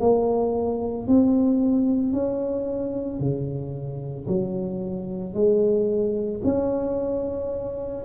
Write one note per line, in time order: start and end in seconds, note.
0.00 1.07 A#3
1.07 2.13 C4
2.13 3.19 C#4
3.19 4.27 C#3
4.28 5.34 F#3
5.34 6.41 G#3
6.44 8.05 C#4